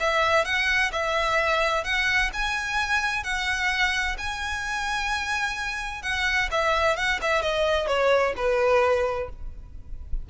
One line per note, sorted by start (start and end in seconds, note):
0.00 0.45 E5
0.45 0.91 F#5
0.92 1.84 E5
1.84 2.30 F#5
2.33 3.23 G#5
3.23 4.16 F#5
4.18 6.03 G#5
6.03 6.49 F#5
6.51 6.96 E5
6.96 7.19 F#5
7.22 7.42 E5
7.42 7.87 D#5
7.87 8.34 C#5
8.36 9.29 B4